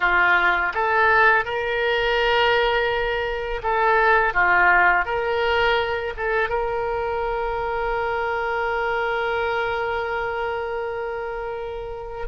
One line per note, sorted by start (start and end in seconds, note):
0.00 0.72 F4
0.74 1.45 A4
1.45 3.61 A#4
3.62 4.33 A4
4.33 5.05 F4
5.05 6.13 A#4
6.16 6.49 A4
6.49 12.27 A#4